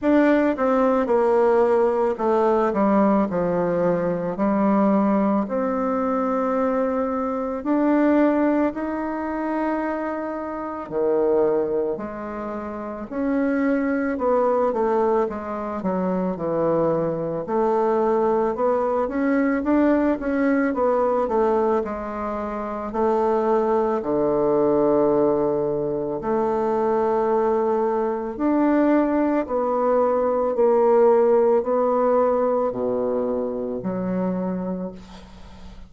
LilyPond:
\new Staff \with { instrumentName = "bassoon" } { \time 4/4 \tempo 4 = 55 d'8 c'8 ais4 a8 g8 f4 | g4 c'2 d'4 | dis'2 dis4 gis4 | cis'4 b8 a8 gis8 fis8 e4 |
a4 b8 cis'8 d'8 cis'8 b8 a8 | gis4 a4 d2 | a2 d'4 b4 | ais4 b4 b,4 fis4 | }